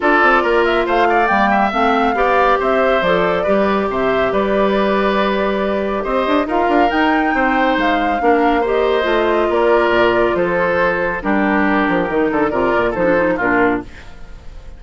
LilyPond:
<<
  \new Staff \with { instrumentName = "flute" } { \time 4/4 \tempo 4 = 139 d''4. e''8 f''4 g''4 | f''2 e''4 d''4~ | d''4 e''4 d''2~ | d''2 dis''4 f''4 |
g''2 f''2 | dis''2 d''2 | c''2 ais'2~ | ais'4 d''4 c''4 ais'4 | }
  \new Staff \with { instrumentName = "oboe" } { \time 4/4 a'4 ais'4 c''8 d''4 e''8~ | e''4 d''4 c''2 | b'4 c''4 b'2~ | b'2 c''4 ais'4~ |
ais'4 c''2 ais'4 | c''2 ais'2 | a'2 g'2~ | g'8 a'8 ais'4 a'4 f'4 | }
  \new Staff \with { instrumentName = "clarinet" } { \time 4/4 f'2. ais4 | c'4 g'2 a'4 | g'1~ | g'2. f'4 |
dis'2. d'4 | g'4 f'2.~ | f'2 d'2 | dis'4 f'4 dis'16 d'16 dis'8 d'4 | }
  \new Staff \with { instrumentName = "bassoon" } { \time 4/4 d'8 c'8 ais4 a4 g4 | a4 b4 c'4 f4 | g4 c4 g2~ | g2 c'8 d'8 dis'8 d'8 |
dis'4 c'4 gis4 ais4~ | ais4 a4 ais4 ais,4 | f2 g4. f8 | dis8 d8 c8 ais,8 f4 ais,4 | }
>>